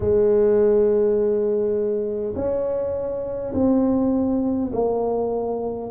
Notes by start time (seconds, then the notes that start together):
0.00 G#3
2.35 C#4
3.53 C4
4.72 A#3